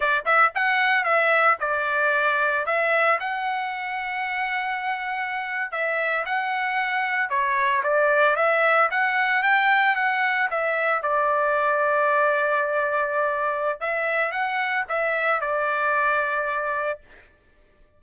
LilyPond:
\new Staff \with { instrumentName = "trumpet" } { \time 4/4 \tempo 4 = 113 d''8 e''8 fis''4 e''4 d''4~ | d''4 e''4 fis''2~ | fis''2~ fis''8. e''4 fis''16~ | fis''4.~ fis''16 cis''4 d''4 e''16~ |
e''8. fis''4 g''4 fis''4 e''16~ | e''8. d''2.~ d''16~ | d''2 e''4 fis''4 | e''4 d''2. | }